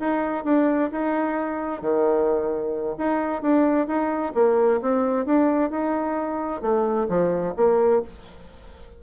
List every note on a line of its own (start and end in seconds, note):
0.00 0.45 D#4
0.45 0.91 D4
0.92 1.82 D#4
1.82 2.97 D#3
2.98 3.42 D#4
3.42 3.87 D4
3.87 4.33 D#4
4.35 4.81 A#3
4.82 5.26 C4
5.26 5.71 D4
5.71 6.62 D#4
6.62 7.08 A3
7.09 7.55 F3
7.57 8.03 A#3